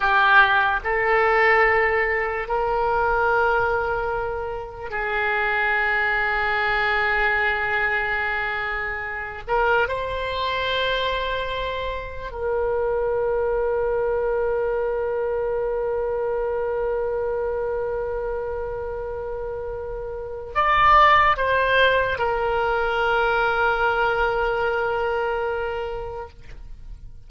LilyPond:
\new Staff \with { instrumentName = "oboe" } { \time 4/4 \tempo 4 = 73 g'4 a'2 ais'4~ | ais'2 gis'2~ | gis'2.~ gis'8 ais'8 | c''2. ais'4~ |
ais'1~ | ais'1~ | ais'4 d''4 c''4 ais'4~ | ais'1 | }